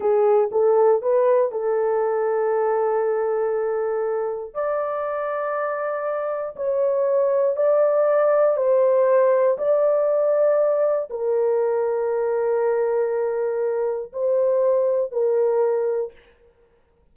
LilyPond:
\new Staff \with { instrumentName = "horn" } { \time 4/4 \tempo 4 = 119 gis'4 a'4 b'4 a'4~ | a'1~ | a'4 d''2.~ | d''4 cis''2 d''4~ |
d''4 c''2 d''4~ | d''2 ais'2~ | ais'1 | c''2 ais'2 | }